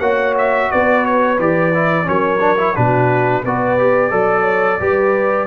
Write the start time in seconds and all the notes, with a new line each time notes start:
0.00 A#3 F#4 C#5 F#5
0.38 E5
0.71 B3 B4 D5
1.05 C#5
1.39 E3 G4 D5
1.75 E4
2.04 F#3 C#4 A#4 C#5
2.40 D4
2.58 E4
2.75 B2 D4 F#4 B4
3.44 B3 F#4 B4 D5
3.79 G4
4.11 F#3 A4 D5
4.43 C#5
4.80 G3 G4 B4